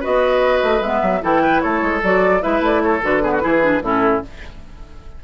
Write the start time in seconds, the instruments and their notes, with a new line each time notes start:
0.00 bassoon B3, clarinet F#4, oboe B4, flute D#5
0.63 bassoon A3
0.81 bassoon G#3, clarinet B3, flute E5
1.02 bassoon F#3
1.21 bassoon E3, clarinet E4, oboe A4, flute G5
1.41 oboe B4
1.61 bassoon A3, oboe A4, flute C#5
1.81 bassoon G#3
2.03 bassoon F#3, clarinet F#4, flute D5
2.41 bassoon G#3, clarinet E4, oboe B4, flute E5
2.60 bassoon A3, flute D5
2.83 oboe A4, flute C#5
3.02 bassoon D3, clarinet F#4, flute B4
3.22 clarinet B3, oboe G#4
3.32 oboe F#4
3.41 bassoon E3, clarinet E4, oboe G#4
3.62 clarinet D4
3.81 bassoon A2, clarinet C#4, oboe E4, flute A4